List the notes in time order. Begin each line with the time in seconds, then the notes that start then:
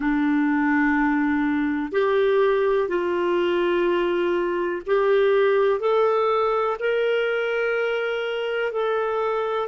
0.00 D4
1.92 G4
2.88 F4
4.86 G4
5.80 A4
6.79 A#4
8.72 A4